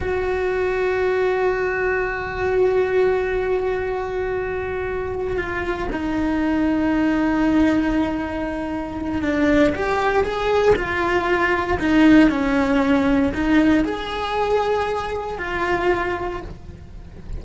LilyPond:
\new Staff \with { instrumentName = "cello" } { \time 4/4 \tempo 4 = 117 fis'1~ | fis'1~ | fis'2~ fis'8 f'4 dis'8~ | dis'1~ |
dis'2 d'4 g'4 | gis'4 f'2 dis'4 | cis'2 dis'4 gis'4~ | gis'2 f'2 | }